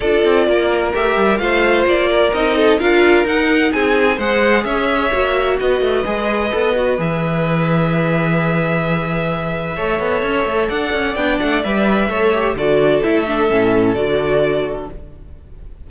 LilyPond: <<
  \new Staff \with { instrumentName = "violin" } { \time 4/4 \tempo 4 = 129 d''2 e''4 f''4 | d''4 dis''4 f''4 fis''4 | gis''4 fis''4 e''2 | dis''2. e''4~ |
e''1~ | e''2. fis''4 | g''8 fis''8 e''2 d''4 | e''2 d''2 | }
  \new Staff \with { instrumentName = "violin" } { \time 4/4 a'4 ais'2 c''4~ | c''8 ais'4 a'8 ais'2 | gis'4 c''4 cis''2 | b'1~ |
b'1~ | b'4 cis''2 d''4~ | d''2 cis''4 a'4~ | a'1 | }
  \new Staff \with { instrumentName = "viola" } { \time 4/4 f'2 g'4 f'4~ | f'4 dis'4 f'4 dis'4~ | dis'4 gis'2 fis'4~ | fis'4 gis'4 a'8 fis'8 gis'4~ |
gis'1~ | gis'4 a'2. | d'4 b'4 a'8 g'8 fis'4 | e'8 d'8 cis'4 fis'2 | }
  \new Staff \with { instrumentName = "cello" } { \time 4/4 d'8 c'8 ais4 a8 g8 a4 | ais4 c'4 d'4 dis'4 | c'4 gis4 cis'4 ais4 | b8 a8 gis4 b4 e4~ |
e1~ | e4 a8 b8 cis'8 a8 d'8 cis'8 | b8 a8 g4 a4 d4 | a4 a,4 d2 | }
>>